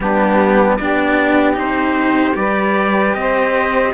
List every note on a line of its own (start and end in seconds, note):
0.00 0.77 G3
0.00 0.79 B3
0.00 0.80 D4
0.00 0.76 G4
0.76 1.57 B3
0.76 1.53 D4
0.76 2.37 G4
0.76 1.55 D5
1.53 2.35 C4
1.53 2.32 D#4
1.53 2.36 C5
2.34 3.14 G3
2.34 3.92 G4
2.34 3.16 B4
2.34 3.14 D5
3.14 3.93 C4
3.14 3.93 C5
3.14 3.93 D#5